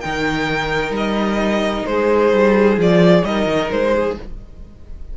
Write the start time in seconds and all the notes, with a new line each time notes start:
0.00 D#3 D#4 A#4 G5
0.90 G3
0.96 D#5
1.86 G#3 G#4 C5
2.33 G3
2.77 F3 F4 D5
3.22 G3 D#4 A#4 D#5
3.46 D#3
3.70 G#3 C5
3.94 G#4